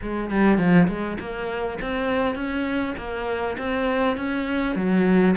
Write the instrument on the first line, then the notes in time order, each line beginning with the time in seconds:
cello
0.02 G#3
0.30 G3
0.58 F3
0.88 G#3
1.19 A#3
1.81 C4
2.35 C#4
2.97 A#3
3.58 C4
4.16 C#4
4.75 F#3